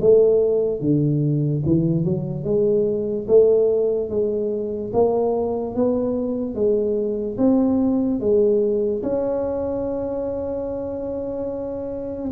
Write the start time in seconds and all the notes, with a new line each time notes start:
0.00 A3
0.80 D3
1.65 E3
2.04 F#3
2.44 G#3
3.27 A3
4.09 G#3
4.93 A#3
5.75 B3
6.54 G#3
7.37 C4
8.20 G#3
9.03 C#4